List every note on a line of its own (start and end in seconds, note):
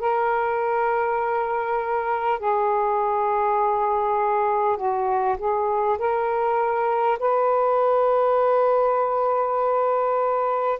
0.00 2.39 A#4
2.39 4.77 G#4
4.77 5.37 F#4
5.39 5.99 G#4
5.99 7.19 A#4
7.20 10.80 B4